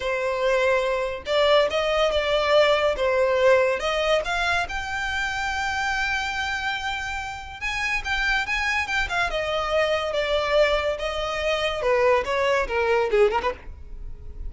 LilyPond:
\new Staff \with { instrumentName = "violin" } { \time 4/4 \tempo 4 = 142 c''2. d''4 | dis''4 d''2 c''4~ | c''4 dis''4 f''4 g''4~ | g''1~ |
g''2 gis''4 g''4 | gis''4 g''8 f''8 dis''2 | d''2 dis''2 | b'4 cis''4 ais'4 gis'8 ais'16 b'16 | }